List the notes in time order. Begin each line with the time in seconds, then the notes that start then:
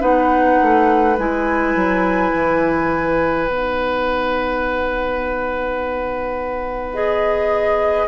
0.00 B3 D#4 B4 F#5
0.62 A3
1.18 G#3 E4 G#5
1.75 F#3
2.33 E3
3.48 B3 D#4 F#5
6.94 G#4 D#5